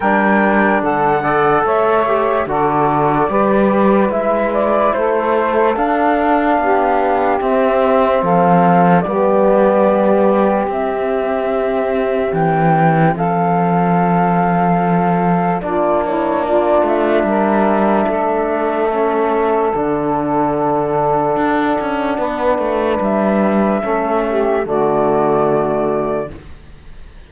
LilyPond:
<<
  \new Staff \with { instrumentName = "flute" } { \time 4/4 \tempo 4 = 73 g''4 fis''4 e''4 d''4~ | d''4 e''8 d''8 c''4 f''4~ | f''4 e''4 f''4 d''4~ | d''4 e''2 g''4 |
f''2. d''8 cis''8 | d''8 e''2.~ e''8 | fis''1 | e''2 d''2 | }
  \new Staff \with { instrumentName = "saxophone" } { \time 4/4 ais'4 a'8 d''8 cis''4 a'4 | b'2 a'2 | g'2 a'4 g'4~ | g'1 |
a'2. f'8 e'8 | f'4 ais'4 a'2~ | a'2. b'4~ | b'4 a'8 g'8 fis'2 | }
  \new Staff \with { instrumentName = "trombone" } { \time 4/4 d'4. a'4 g'8 fis'4 | g'4 e'2 d'4~ | d'4 c'2 b4~ | b4 c'2.~ |
c'2. d'4~ | d'2. cis'4 | d'1~ | d'4 cis'4 a2 | }
  \new Staff \with { instrumentName = "cello" } { \time 4/4 g4 d4 a4 d4 | g4 gis4 a4 d'4 | b4 c'4 f4 g4~ | g4 c'2 e4 |
f2. ais4~ | ais8 a8 g4 a2 | d2 d'8 cis'8 b8 a8 | g4 a4 d2 | }
>>